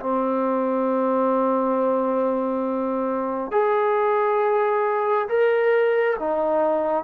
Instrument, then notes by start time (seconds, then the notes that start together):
trombone
0.00 C4
3.52 G#4
5.29 A#4
6.20 D#4